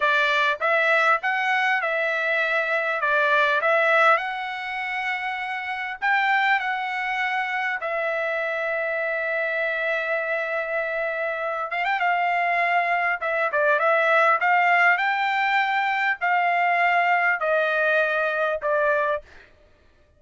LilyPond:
\new Staff \with { instrumentName = "trumpet" } { \time 4/4 \tempo 4 = 100 d''4 e''4 fis''4 e''4~ | e''4 d''4 e''4 fis''4~ | fis''2 g''4 fis''4~ | fis''4 e''2.~ |
e''2.~ e''8 f''16 g''16 | f''2 e''8 d''8 e''4 | f''4 g''2 f''4~ | f''4 dis''2 d''4 | }